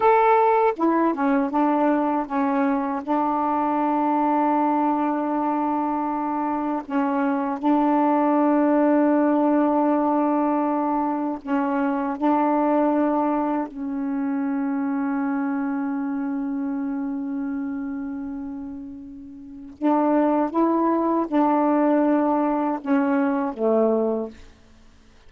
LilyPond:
\new Staff \with { instrumentName = "saxophone" } { \time 4/4 \tempo 4 = 79 a'4 e'8 cis'8 d'4 cis'4 | d'1~ | d'4 cis'4 d'2~ | d'2. cis'4 |
d'2 cis'2~ | cis'1~ | cis'2 d'4 e'4 | d'2 cis'4 a4 | }